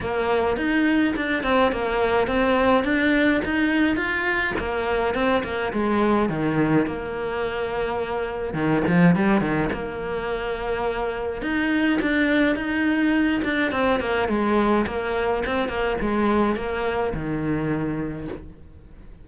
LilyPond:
\new Staff \with { instrumentName = "cello" } { \time 4/4 \tempo 4 = 105 ais4 dis'4 d'8 c'8 ais4 | c'4 d'4 dis'4 f'4 | ais4 c'8 ais8 gis4 dis4 | ais2. dis8 f8 |
g8 dis8 ais2. | dis'4 d'4 dis'4. d'8 | c'8 ais8 gis4 ais4 c'8 ais8 | gis4 ais4 dis2 | }